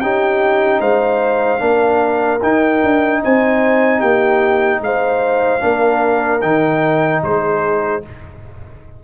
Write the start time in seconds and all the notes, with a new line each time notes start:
0.00 C#4 D#4 G4 G5
0.80 G#3 C5 F5
1.59 A#3 D4 A#4
2.42 D#4 G5
2.83 D4
3.23 C4 C5 G#5
3.99 A#3 G4 G5
4.81 G#3 C5 F5
5.60 A#3 D4 A#4
6.41 D#3 D#4 G5
7.23 G#3 G#4 C5